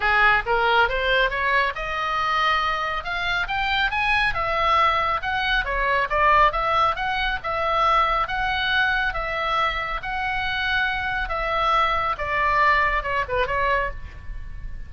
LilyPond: \new Staff \with { instrumentName = "oboe" } { \time 4/4 \tempo 4 = 138 gis'4 ais'4 c''4 cis''4 | dis''2. f''4 | g''4 gis''4 e''2 | fis''4 cis''4 d''4 e''4 |
fis''4 e''2 fis''4~ | fis''4 e''2 fis''4~ | fis''2 e''2 | d''2 cis''8 b'8 cis''4 | }